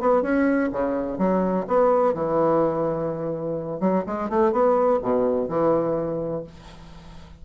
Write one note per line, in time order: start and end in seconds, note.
0.00 0.22 B3
0.22 0.69 C#4
0.72 1.18 C#3
1.18 1.65 F#3
1.67 2.14 B3
2.14 3.80 E3
3.80 4.04 F#3
4.06 4.29 G#3
4.29 4.52 A3
4.52 4.99 B3
5.02 5.48 B2
5.48 6.43 E3